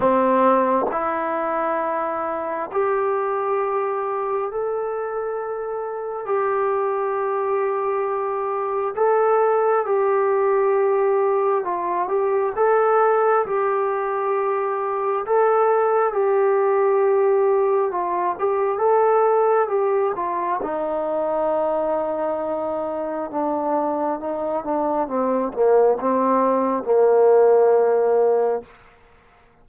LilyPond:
\new Staff \with { instrumentName = "trombone" } { \time 4/4 \tempo 4 = 67 c'4 e'2 g'4~ | g'4 a'2 g'4~ | g'2 a'4 g'4~ | g'4 f'8 g'8 a'4 g'4~ |
g'4 a'4 g'2 | f'8 g'8 a'4 g'8 f'8 dis'4~ | dis'2 d'4 dis'8 d'8 | c'8 ais8 c'4 ais2 | }